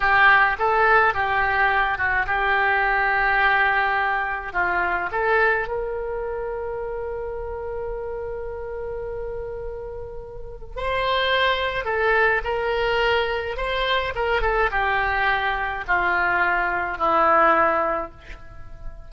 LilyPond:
\new Staff \with { instrumentName = "oboe" } { \time 4/4 \tempo 4 = 106 g'4 a'4 g'4. fis'8 | g'1 | f'4 a'4 ais'2~ | ais'1~ |
ais'2. c''4~ | c''4 a'4 ais'2 | c''4 ais'8 a'8 g'2 | f'2 e'2 | }